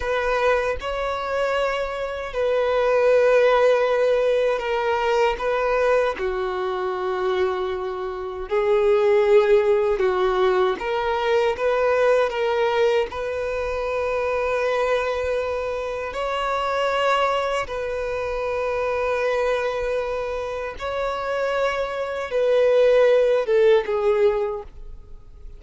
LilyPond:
\new Staff \with { instrumentName = "violin" } { \time 4/4 \tempo 4 = 78 b'4 cis''2 b'4~ | b'2 ais'4 b'4 | fis'2. gis'4~ | gis'4 fis'4 ais'4 b'4 |
ais'4 b'2.~ | b'4 cis''2 b'4~ | b'2. cis''4~ | cis''4 b'4. a'8 gis'4 | }